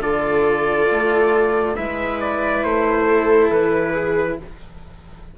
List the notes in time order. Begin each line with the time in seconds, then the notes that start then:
0.00 D3 F4 A4 D5
0.91 A3
1.76 G#3 E4 B4 E5
2.20 D5
2.64 A3 C5
3.07 A4
3.50 E3 B4
3.92 G#4